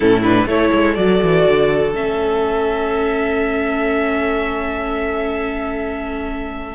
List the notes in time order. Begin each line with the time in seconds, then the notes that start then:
0.00 A2 C#4 E4 A4
0.23 D4 B4
0.45 A3 E4 A4 C#5
0.73 G#3
0.94 F#3 F#4 D5
1.22 E3
1.46 D3
1.93 A3 C#4 E5